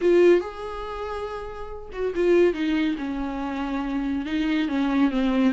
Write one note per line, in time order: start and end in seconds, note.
0.01 0.40 F4
0.40 1.89 G#4
1.92 2.13 F#4
2.15 2.53 F4
2.53 2.96 D#4
2.98 4.25 C#4
4.25 4.68 D#4
4.68 5.10 C#4
5.11 5.53 C4